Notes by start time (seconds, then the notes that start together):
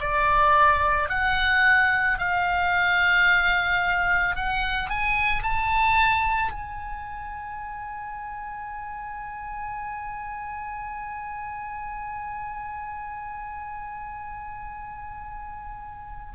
0.00 D5
1.10 F#5
2.18 F5
4.36 F#5
4.90 G#5
5.43 A5
6.52 G#5